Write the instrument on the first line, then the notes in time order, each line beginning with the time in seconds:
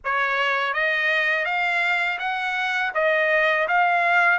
trumpet
0.04 C#5
0.73 D#5
1.45 F5
2.19 F#5
2.94 D#5
3.68 F5